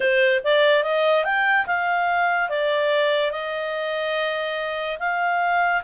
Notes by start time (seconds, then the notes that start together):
0.00 C5
0.44 D5
0.83 D#5
1.24 G5
1.66 F5
2.49 D5
3.31 D#5
4.99 F5